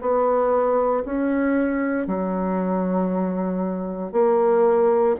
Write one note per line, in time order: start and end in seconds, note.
0.00 1.03 B3
1.04 2.06 C#4
2.06 4.12 F#3
4.12 5.15 A#3